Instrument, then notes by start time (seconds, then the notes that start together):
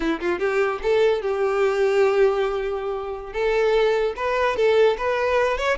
violin
0.00 E4
0.20 F4
0.39 G4
0.82 A4
1.21 G4
3.32 A4
4.16 B4
4.56 A4
4.97 B4
5.57 C#5